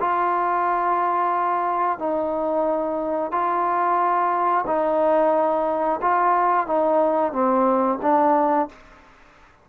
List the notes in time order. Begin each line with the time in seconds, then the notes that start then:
0.00 F4
1.99 D#4
3.31 F4
4.66 D#4
6.01 F4
6.67 D#4
7.32 C4
8.02 D4